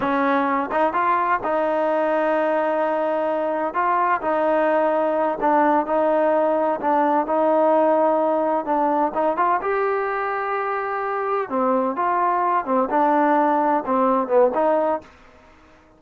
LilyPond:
\new Staff \with { instrumentName = "trombone" } { \time 4/4 \tempo 4 = 128 cis'4. dis'8 f'4 dis'4~ | dis'1 | f'4 dis'2~ dis'8 d'8~ | d'8 dis'2 d'4 dis'8~ |
dis'2~ dis'8 d'4 dis'8 | f'8 g'2.~ g'8~ | g'8 c'4 f'4. c'8 d'8~ | d'4. c'4 b8 dis'4 | }